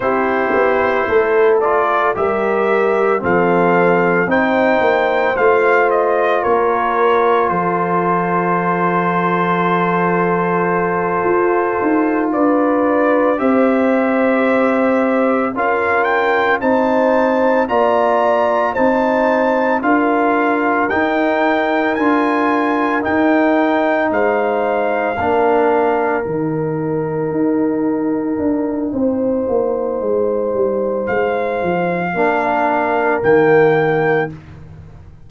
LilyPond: <<
  \new Staff \with { instrumentName = "trumpet" } { \time 4/4 \tempo 4 = 56 c''4. d''8 e''4 f''4 | g''4 f''8 dis''8 cis''4 c''4~ | c''2.~ c''8 d''8~ | d''8 e''2 f''8 g''8 a''8~ |
a''8 ais''4 a''4 f''4 g''8~ | g''8 gis''4 g''4 f''4.~ | f''8 g''2.~ g''8~ | g''4 f''2 g''4 | }
  \new Staff \with { instrumentName = "horn" } { \time 4/4 g'4 a'4 ais'4 a'4 | c''2 ais'4 a'4~ | a'2.~ a'8 b'8~ | b'8 c''2 ais'4 c''8~ |
c''8 d''4 c''4 ais'4.~ | ais'2~ ais'8 c''4 ais'8~ | ais'2. c''4~ | c''2 ais'2 | }
  \new Staff \with { instrumentName = "trombone" } { \time 4/4 e'4. f'8 g'4 c'4 | dis'4 f'2.~ | f'1~ | f'8 g'2 f'4 dis'8~ |
dis'8 f'4 dis'4 f'4 dis'8~ | dis'8 f'4 dis'2 d'8~ | d'8 dis'2.~ dis'8~ | dis'2 d'4 ais4 | }
  \new Staff \with { instrumentName = "tuba" } { \time 4/4 c'8 b8 a4 g4 f4 | c'8 ais8 a4 ais4 f4~ | f2~ f8 f'8 dis'8 d'8~ | d'8 c'2 cis'4 c'8~ |
c'8 ais4 c'4 d'4 dis'8~ | dis'8 d'4 dis'4 gis4 ais8~ | ais8 dis4 dis'4 d'8 c'8 ais8 | gis8 g8 gis8 f8 ais4 dis4 | }
>>